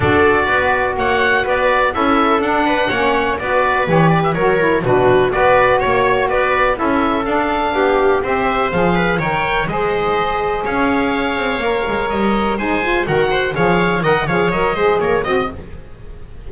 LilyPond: <<
  \new Staff \with { instrumentName = "oboe" } { \time 4/4 \tempo 4 = 124 d''2 fis''4 d''4 | e''4 fis''2 d''4 | cis''8 d''16 e''16 cis''4 b'4 d''4 | cis''4 d''4 e''4 f''4~ |
f''4 e''4 f''4 g''4 | dis''2 f''2~ | f''4 dis''4 gis''4 fis''4 | f''4 fis''8 f''8 dis''4 cis''8 dis''8 | }
  \new Staff \with { instrumentName = "viola" } { \time 4/4 a'4 b'4 cis''4 b'4 | a'4. b'8 cis''4 b'4~ | b'4 ais'4 fis'4 b'4 | cis''4 b'4 a'2 |
g'4 c''4. b'8 cis''4 | c''2 cis''2~ | cis''2 c''4 ais'8 c''8 | cis''4 dis''8 cis''4 c''8 ais'8 dis''8 | }
  \new Staff \with { instrumentName = "saxophone" } { \time 4/4 fis'1 | e'4 d'4 cis'4 fis'4 | g'4 fis'8 e'8 d'4 fis'4~ | fis'2 e'4 d'4~ |
d'4 g'4 gis'4 ais'4 | gis'1 | ais'2 dis'8 f'8 fis'4 | gis'4 ais'8 gis'8 ais'8 gis'4 fis'8 | }
  \new Staff \with { instrumentName = "double bass" } { \time 4/4 d'4 b4 ais4 b4 | cis'4 d'4 ais4 b4 | e4 fis4 b,4 b4 | ais4 b4 cis'4 d'4 |
b4 c'4 f4 dis4 | gis2 cis'4. c'8 | ais8 gis8 g4 gis4 dis4 | f4 dis8 f8 fis8 gis8 ais8 c'8 | }
>>